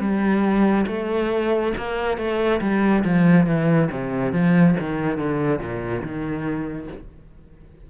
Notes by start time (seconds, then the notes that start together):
0.00 G3
0.87 A3
1.77 A#3
2.18 A3
2.61 G3
3.04 F3
3.46 E3
3.91 C3
4.32 F3
4.79 D#3
5.17 D3
5.59 A#2
6.02 D#3